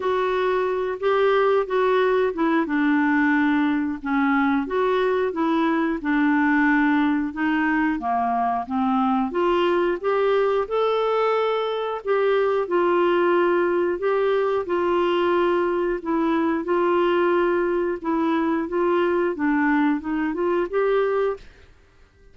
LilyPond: \new Staff \with { instrumentName = "clarinet" } { \time 4/4 \tempo 4 = 90 fis'4. g'4 fis'4 e'8 | d'2 cis'4 fis'4 | e'4 d'2 dis'4 | ais4 c'4 f'4 g'4 |
a'2 g'4 f'4~ | f'4 g'4 f'2 | e'4 f'2 e'4 | f'4 d'4 dis'8 f'8 g'4 | }